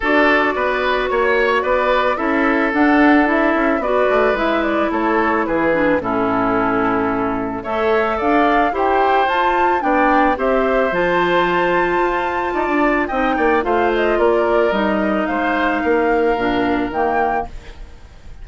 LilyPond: <<
  \new Staff \with { instrumentName = "flute" } { \time 4/4 \tempo 4 = 110 d''2 cis''4 d''4 | e''4 fis''4 e''4 d''4 | e''8 d''8 cis''4 b'4 a'4~ | a'2 e''4 f''4 |
g''4 a''4 g''4 e''4 | a''1 | g''4 f''8 dis''8 d''4 dis''4 | f''2. g''4 | }
  \new Staff \with { instrumentName = "oboe" } { \time 4/4 a'4 b'4 cis''4 b'4 | a'2. b'4~ | b'4 a'4 gis'4 e'4~ | e'2 cis''4 d''4 |
c''2 d''4 c''4~ | c''2. d''4 | dis''8 d''8 c''4 ais'2 | c''4 ais'2. | }
  \new Staff \with { instrumentName = "clarinet" } { \time 4/4 fis'1 | e'4 d'4 e'4 fis'4 | e'2~ e'8 d'8 cis'4~ | cis'2 a'2 |
g'4 f'4 d'4 g'4 | f'1 | dis'4 f'2 dis'4~ | dis'2 d'4 ais4 | }
  \new Staff \with { instrumentName = "bassoon" } { \time 4/4 d'4 b4 ais4 b4 | cis'4 d'4. cis'8 b8 a8 | gis4 a4 e4 a,4~ | a,2 a4 d'4 |
e'4 f'4 b4 c'4 | f2 f'4 dis'16 d'8. | c'8 ais8 a4 ais4 g4 | gis4 ais4 ais,4 dis4 | }
>>